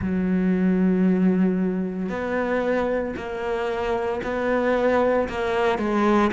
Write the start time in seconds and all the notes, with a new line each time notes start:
0.01 F#3
2.09 B3
3.16 A#3
4.23 B3
5.29 A#3
5.78 G#3